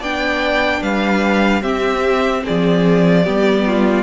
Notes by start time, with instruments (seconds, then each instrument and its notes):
0.00 cello B3, viola D4, violin D5 G5
0.81 cello G3, violin B4 F5
1.62 cello C4, viola C4, violin G4 E5
2.45 cello F3, violin G#4 D5
3.25 cello G3, viola B3, violin G4
3.66 violin F4